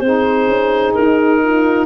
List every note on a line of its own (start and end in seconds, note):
0.00 0.47 C4
0.00 1.86 D#4
0.00 1.42 G#4
0.00 0.92 C5
0.47 0.94 C#4
0.94 1.86 D#4
0.94 1.86 A#4
1.43 1.86 F4